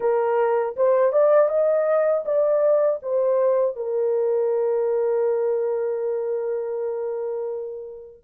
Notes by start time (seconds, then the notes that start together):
0.00 A#4
0.76 C5
1.12 D5
1.48 D#5
2.25 D5
3.02 C5
3.75 A#4